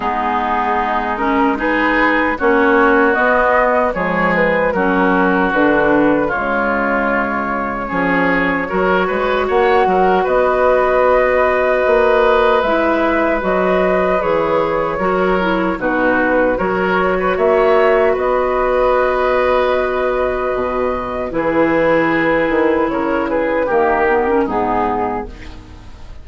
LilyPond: <<
  \new Staff \with { instrumentName = "flute" } { \time 4/4 \tempo 4 = 76 gis'4. ais'8 b'4 cis''4 | dis''4 cis''8 b'8 ais'4 b'4 | cis''1 | fis''4 dis''2. |
e''4 dis''4 cis''2 | b'4 cis''4 e''4 dis''4~ | dis''2. b'4~ | b'4 cis''8 b'8 ais'4 gis'4 | }
  \new Staff \with { instrumentName = "oboe" } { \time 4/4 dis'2 gis'4 fis'4~ | fis'4 gis'4 fis'2 | f'2 gis'4 ais'8 b'8 | cis''8 ais'8 b'2.~ |
b'2. ais'4 | fis'4 ais'8. b'16 cis''4 b'4~ | b'2. gis'4~ | gis'4 ais'8 gis'8 g'4 dis'4 | }
  \new Staff \with { instrumentName = "clarinet" } { \time 4/4 b4. cis'8 dis'4 cis'4 | b4 gis4 cis'4 d'4 | gis2 cis'4 fis'4~ | fis'1 |
e'4 fis'4 gis'4 fis'8 e'8 | dis'4 fis'2.~ | fis'2. e'4~ | e'2 ais8 b16 cis'16 b4 | }
  \new Staff \with { instrumentName = "bassoon" } { \time 4/4 gis2. ais4 | b4 f4 fis4 d4 | cis2 f4 fis8 gis8 | ais8 fis8 b2 ais4 |
gis4 fis4 e4 fis4 | b,4 fis4 ais4 b4~ | b2 b,4 e4~ | e8 dis8 cis4 dis4 gis,4 | }
>>